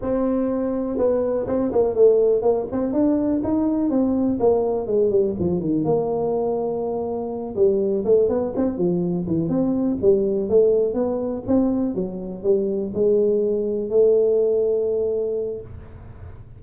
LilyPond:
\new Staff \with { instrumentName = "tuba" } { \time 4/4 \tempo 4 = 123 c'2 b4 c'8 ais8 | a4 ais8 c'8 d'4 dis'4 | c'4 ais4 gis8 g8 f8 dis8 | ais2.~ ais8 g8~ |
g8 a8 b8 c'8 f4 e8 c'8~ | c'8 g4 a4 b4 c'8~ | c'8 fis4 g4 gis4.~ | gis8 a2.~ a8 | }